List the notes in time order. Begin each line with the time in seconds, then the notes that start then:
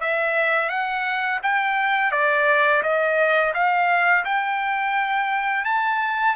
0.00 E5
0.69 F#5
1.42 G5
2.11 D5
2.82 D#5
3.54 F5
4.25 G5
5.65 A5